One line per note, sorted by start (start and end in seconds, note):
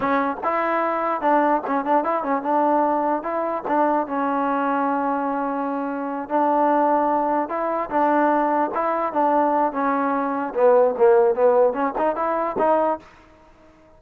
0.00 0.36 C#4
0.43 1.21 E4
1.21 1.61 D4
1.66 1.84 C#4
1.84 2.04 D4
2.04 2.23 E4
2.23 2.42 C#4
2.42 3.22 D4
3.22 3.63 E4
3.67 4.07 D4
4.07 6.29 C#4
6.29 7.49 D4
7.49 7.89 E4
7.89 8.71 D4
8.74 9.12 E4
9.12 9.72 D4
9.72 10.53 C#4
10.54 10.94 B3
10.97 11.35 A#3
11.35 11.73 B3
11.73 11.93 C#4
11.98 12.15 D#4
12.15 12.56 E4
12.58 12.99 D#4